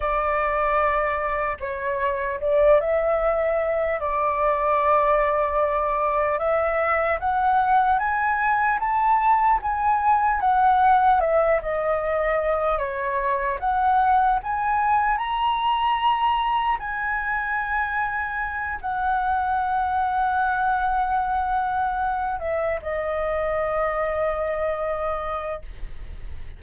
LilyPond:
\new Staff \with { instrumentName = "flute" } { \time 4/4 \tempo 4 = 75 d''2 cis''4 d''8 e''8~ | e''4 d''2. | e''4 fis''4 gis''4 a''4 | gis''4 fis''4 e''8 dis''4. |
cis''4 fis''4 gis''4 ais''4~ | ais''4 gis''2~ gis''8 fis''8~ | fis''1 | e''8 dis''2.~ dis''8 | }